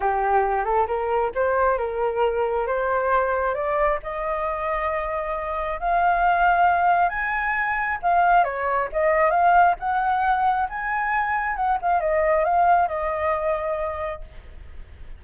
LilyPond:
\new Staff \with { instrumentName = "flute" } { \time 4/4 \tempo 4 = 135 g'4. a'8 ais'4 c''4 | ais'2 c''2 | d''4 dis''2.~ | dis''4 f''2. |
gis''2 f''4 cis''4 | dis''4 f''4 fis''2 | gis''2 fis''8 f''8 dis''4 | f''4 dis''2. | }